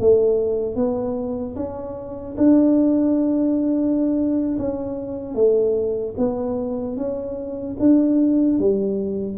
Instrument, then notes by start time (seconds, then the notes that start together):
tuba
0.00 A3
0.76 B3
1.56 C#4
2.38 D4
4.59 C#4
5.35 A3
6.18 B3
6.97 C#4
7.80 D4
8.59 G3